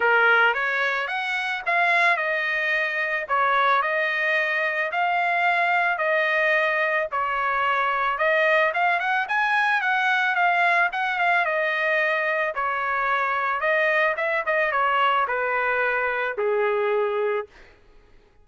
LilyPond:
\new Staff \with { instrumentName = "trumpet" } { \time 4/4 \tempo 4 = 110 ais'4 cis''4 fis''4 f''4 | dis''2 cis''4 dis''4~ | dis''4 f''2 dis''4~ | dis''4 cis''2 dis''4 |
f''8 fis''8 gis''4 fis''4 f''4 | fis''8 f''8 dis''2 cis''4~ | cis''4 dis''4 e''8 dis''8 cis''4 | b'2 gis'2 | }